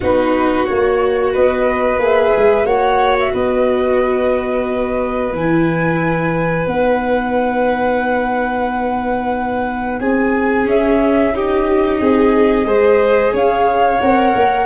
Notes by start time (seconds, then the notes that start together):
0.00 B3 D#4 F#4 B4
0.65 A#3 F#4 C#5
1.32 B3 B4 D#5
1.98 A#3 G#4 E5
2.36 G#3
2.64 A#3 F#4 C#5 F#5
3.19 E5
3.33 B3 B4 D#5
5.32 E3 E4 G#5
6.66 B3 D#4 F#5
9.99 C4 G#4 G#5
10.64 C#4 E5
11.33 D#4 G4 D#5
12.00 C4 G#4
12.64 G#3 G#4 C5
13.33 C#4 C#5 F5
14.00 C4 A#4 F#5
14.35 A#3